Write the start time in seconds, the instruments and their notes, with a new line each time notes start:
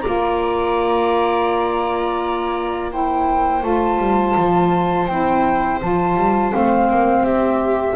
0.00 double bass A#3, saxophone F4, viola D5, flute A#5
2.90 saxophone E4, viola C5, flute G5
3.61 double bass A3, saxophone F4, flute A5
3.98 double bass G3
4.36 double bass F3
5.07 double bass C4, saxophone E4, flute G5
5.81 double bass F3, saxophone F4, flute A5
6.16 double bass G3
6.51 double bass A3, saxophone C4, flute F5
6.90 double bass A#3
7.21 double bass C4, viola G4, flute E5